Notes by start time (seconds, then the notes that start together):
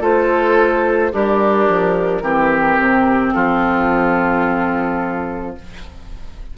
0.00 A3 F4 A4 C5
1.12 G3 D4 G4 A#4
1.69 F3
2.21 E3 C4 G4
2.78 C3
3.32 F3 F4 A4